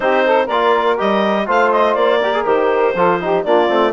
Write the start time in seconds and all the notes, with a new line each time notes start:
0.00 C4 D#4 G4 C5
0.25 A4
0.45 A#3 A#4 D5
0.51 F4
0.97 G3 G4 D#5
1.46 A3 F4 C5 F5
1.71 D#5
1.94 A#3 D5
2.19 G4 A#4
2.34 G#4
2.45 D#3 G4 C5
2.95 F3 F4 A4
3.21 D#4 G4
3.44 A#3 D4 F4 D5
3.67 A3 C4